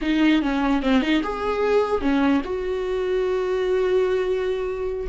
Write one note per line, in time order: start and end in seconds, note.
0.01 0.42 D#4
0.42 0.82 C#4
0.82 1.01 C4
1.01 1.22 D#4
1.23 2.01 G#4
2.01 2.41 C#4
2.44 5.07 F#4